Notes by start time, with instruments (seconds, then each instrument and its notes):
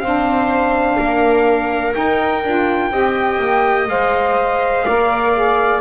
0.00 double bass C4, saxophone D4, viola C5, trumpet F5
0.98 double bass A#3, viola A#4
1.93 saxophone D#4, double bass D#4, trumpet G5
2.44 double bass D4, saxophone F4
2.90 double bass C4, saxophone G4, viola D#5
3.39 double bass A#3
3.87 double bass G#3, saxophone C5, trumpet F5
4.85 double bass A#3, saxophone A#4, viola D5
5.33 saxophone G#4